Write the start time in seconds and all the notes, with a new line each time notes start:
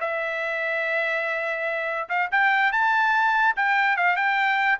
0.00 E5
2.09 F5
2.31 G5
2.72 A5
3.56 G5
3.97 F5
4.16 G5